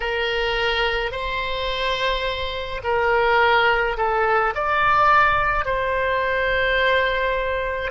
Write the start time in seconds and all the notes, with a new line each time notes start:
0.00 A#4
1.11 C5
2.83 A#4
3.97 A4
4.54 D5
5.65 C5